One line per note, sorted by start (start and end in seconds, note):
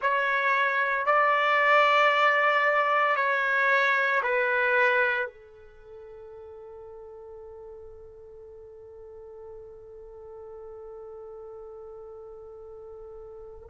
0.01 1.06 C#5
1.06 3.16 D5
3.16 4.21 C#5
4.22 5.26 B4
5.26 13.68 A4